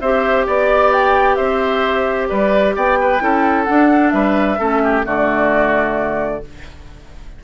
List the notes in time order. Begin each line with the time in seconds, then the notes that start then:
0.00 C4 G4 C5 E5
0.46 B3 D5
0.93 G5
1.35 C4 C5 E5
2.29 G3 B4 D5
2.76 B3 D5 G5
3.01 B4
3.20 C#4 E4 A4
3.64 D4 F#5
4.10 G3 B4 E5
4.59 A3 C#4 A4
4.84 G4
5.04 D3 A3 F#4 D5